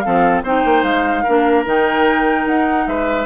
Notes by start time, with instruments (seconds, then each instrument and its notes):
0.00 bassoon F3, clarinet C4, oboe A4, flute F5
0.43 bassoon C4, clarinet D#4, oboe C5, flute G5
0.65 bassoon A#3
0.83 bassoon G#3, flute F5
1.23 bassoon A#3, clarinet D4, oboe A#4
1.66 bassoon D#3, clarinet D#4, flute G5
2.46 bassoon D#4, flute F#5
2.87 bassoon G#3, oboe B4, flute E5